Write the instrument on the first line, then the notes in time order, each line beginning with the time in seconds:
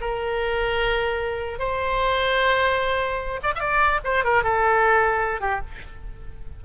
oboe
0.00 A#4
1.59 C5
3.43 D5
3.55 D5 E5
4.04 C5
4.24 A#4
4.43 A4
5.40 G4